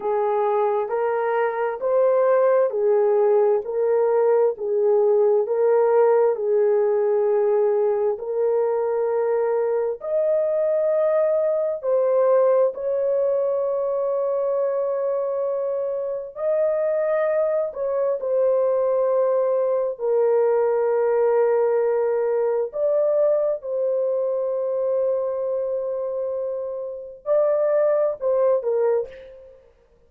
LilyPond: \new Staff \with { instrumentName = "horn" } { \time 4/4 \tempo 4 = 66 gis'4 ais'4 c''4 gis'4 | ais'4 gis'4 ais'4 gis'4~ | gis'4 ais'2 dis''4~ | dis''4 c''4 cis''2~ |
cis''2 dis''4. cis''8 | c''2 ais'2~ | ais'4 d''4 c''2~ | c''2 d''4 c''8 ais'8 | }